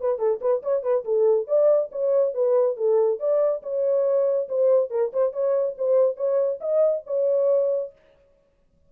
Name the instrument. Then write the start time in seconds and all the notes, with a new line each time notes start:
horn
0.00 B4
0.18 A4
0.41 B4
0.62 C#5
0.83 B4
1.04 A4
1.47 D5
1.92 C#5
2.34 B4
2.76 A4
3.19 D5
3.62 C#5
4.48 C5
4.90 A#4
5.13 C5
5.32 C#5
5.78 C5
6.17 C#5
6.61 D#5
7.07 C#5